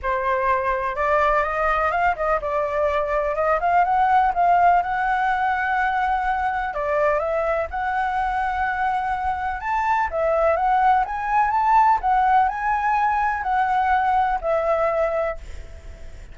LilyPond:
\new Staff \with { instrumentName = "flute" } { \time 4/4 \tempo 4 = 125 c''2 d''4 dis''4 | f''8 dis''8 d''2 dis''8 f''8 | fis''4 f''4 fis''2~ | fis''2 d''4 e''4 |
fis''1 | a''4 e''4 fis''4 gis''4 | a''4 fis''4 gis''2 | fis''2 e''2 | }